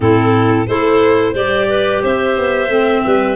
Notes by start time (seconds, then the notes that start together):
0.00 A2 C4 E4 A4
0.66 A3 E4 A4 C5
1.32 G3 G4 C5 D5
1.69 B4
2.02 C4 C5 E5
2.37 B3
2.68 A3 C4
3.04 G3 B4